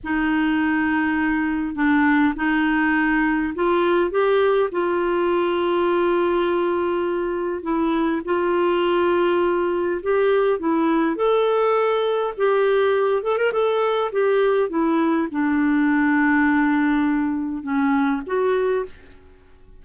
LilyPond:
\new Staff \with { instrumentName = "clarinet" } { \time 4/4 \tempo 4 = 102 dis'2. d'4 | dis'2 f'4 g'4 | f'1~ | f'4 e'4 f'2~ |
f'4 g'4 e'4 a'4~ | a'4 g'4. a'16 ais'16 a'4 | g'4 e'4 d'2~ | d'2 cis'4 fis'4 | }